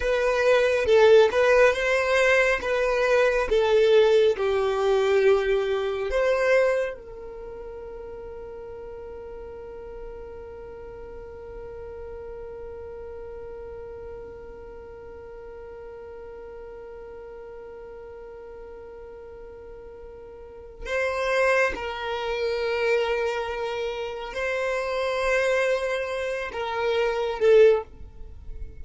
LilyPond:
\new Staff \with { instrumentName = "violin" } { \time 4/4 \tempo 4 = 69 b'4 a'8 b'8 c''4 b'4 | a'4 g'2 c''4 | ais'1~ | ais'1~ |
ais'1~ | ais'1 | c''4 ais'2. | c''2~ c''8 ais'4 a'8 | }